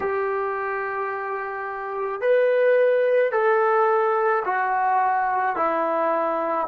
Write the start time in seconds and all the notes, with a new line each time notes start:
0.00 G4
2.21 B4
3.32 A4
4.44 F#4
5.56 E4